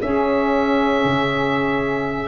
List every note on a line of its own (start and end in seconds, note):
0.00 2.28 C#4
0.00 1.04 C#4
0.00 2.28 G#4
0.00 2.28 E5
1.04 2.28 C#3